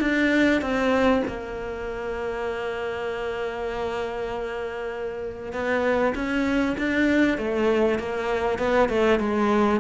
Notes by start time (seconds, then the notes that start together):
0.00 D4
0.61 C4
1.27 A#3
5.52 B3
6.15 C#4
6.77 D4
7.37 A3
7.99 A#3
8.59 B3
8.89 A3
9.19 G#3